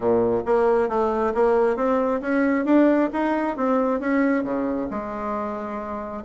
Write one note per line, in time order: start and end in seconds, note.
0.00 0.42 A#2
0.45 0.88 A#3
0.88 1.33 A3
1.34 1.76 A#3
1.76 2.20 C4
2.21 2.65 C#4
2.65 3.09 D4
3.12 3.57 D#4
3.57 3.99 C4
3.99 4.43 C#4
4.43 4.88 C#3
4.90 6.23 G#3